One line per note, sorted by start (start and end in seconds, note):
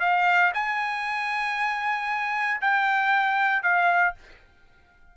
0.00 0.52 F5
0.54 2.61 G#5
2.61 3.63 G5
3.63 4.14 F5